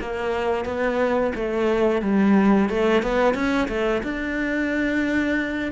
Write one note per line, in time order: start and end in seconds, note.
0.00 0.65 A#3
0.65 1.32 B3
1.35 2.02 A3
2.02 2.69 G3
2.69 3.02 A3
3.02 3.34 B3
3.34 3.67 C#4
3.68 4.02 A3
4.03 5.72 D4